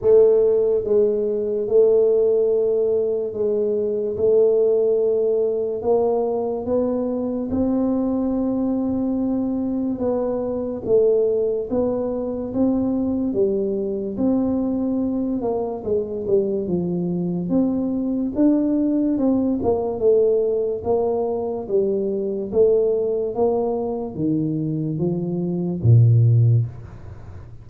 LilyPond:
\new Staff \with { instrumentName = "tuba" } { \time 4/4 \tempo 4 = 72 a4 gis4 a2 | gis4 a2 ais4 | b4 c'2. | b4 a4 b4 c'4 |
g4 c'4. ais8 gis8 g8 | f4 c'4 d'4 c'8 ais8 | a4 ais4 g4 a4 | ais4 dis4 f4 ais,4 | }